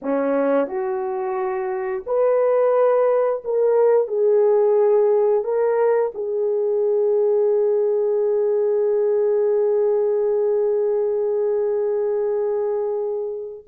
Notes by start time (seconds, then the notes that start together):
0.02 C#4
0.67 F#4
2.06 B4
3.44 A#4
4.07 G#4
5.44 A#4
6.14 G#4